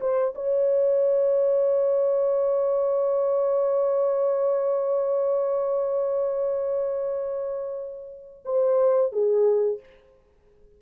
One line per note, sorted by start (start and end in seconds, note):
0.00 0.34 C5
0.35 8.44 C#5
8.45 9.12 C5
9.12 9.80 G#4